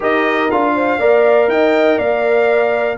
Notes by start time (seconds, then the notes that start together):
0.00 D#4 G4 A#4 D#5
0.50 D4 F4 F5
0.74 C5
0.98 A#3 A#4 D5
1.48 D#4 D#5 G5
1.98 A#3 D5 F5